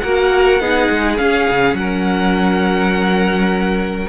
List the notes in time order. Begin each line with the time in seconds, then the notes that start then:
0.00 A#3 F#4 A#4 F#5
0.60 B3 D#4 G#4
0.90 G#3
1.17 C#4 F5
1.49 C#3
1.73 F#3 A#4 F#5